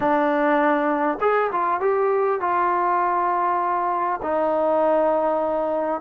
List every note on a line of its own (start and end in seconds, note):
0.00 1.18 D4
1.20 1.50 G#4
1.52 1.80 F4
1.80 2.40 G4
2.40 4.20 F4
4.22 6.01 D#4